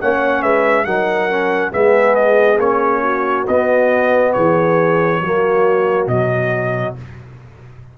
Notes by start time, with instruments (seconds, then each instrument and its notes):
0.00 tuba A#3, trombone C#4, horn C#5, trumpet F#5
0.42 tuba G#3, horn B4, trumpet E5
0.84 tuba F#3, trombone D#4, horn A#4, trumpet F#5
1.30 trombone C#4
1.71 tuba G#3, trombone B3, horn G#4, trumpet E5
2.15 trumpet D#5
2.57 tuba A#3, trombone C#4, trumpet C#5
3.02 horn F#4
3.47 tuba B3, trombone B3, trumpet D#5
4.32 tuba E3, horn G#4, trumpet C#5
5.21 tuba F#3, trombone A#3, horn F#4
6.06 tuba B2, trombone F#3, trumpet D#5